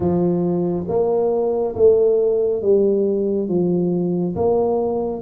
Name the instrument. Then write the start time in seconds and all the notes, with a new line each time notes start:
tuba
0.00 F3
0.88 A#3
1.75 A3
2.62 G3
3.48 F3
4.35 A#3